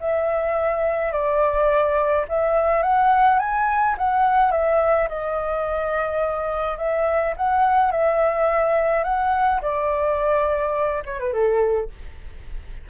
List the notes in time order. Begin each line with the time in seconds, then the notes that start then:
0.00 E5
1.12 D5
2.28 E5
2.82 F#5
3.39 G#5
3.98 F#5
4.51 E5
5.08 D#5
6.77 E5
7.36 F#5
7.91 E5
9.04 F#5
9.61 D5
11.05 C#5
11.19 B4
11.33 A4